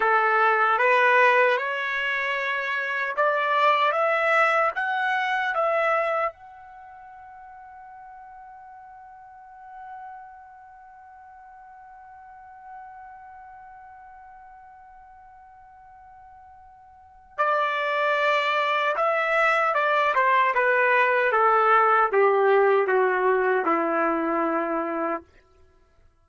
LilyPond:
\new Staff \with { instrumentName = "trumpet" } { \time 4/4 \tempo 4 = 76 a'4 b'4 cis''2 | d''4 e''4 fis''4 e''4 | fis''1~ | fis''1~ |
fis''1~ | fis''2 d''2 | e''4 d''8 c''8 b'4 a'4 | g'4 fis'4 e'2 | }